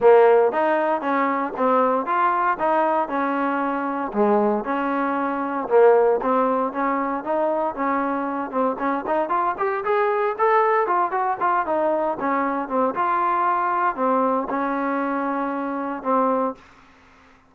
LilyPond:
\new Staff \with { instrumentName = "trombone" } { \time 4/4 \tempo 4 = 116 ais4 dis'4 cis'4 c'4 | f'4 dis'4 cis'2 | gis4 cis'2 ais4 | c'4 cis'4 dis'4 cis'4~ |
cis'8 c'8 cis'8 dis'8 f'8 g'8 gis'4 | a'4 f'8 fis'8 f'8 dis'4 cis'8~ | cis'8 c'8 f'2 c'4 | cis'2. c'4 | }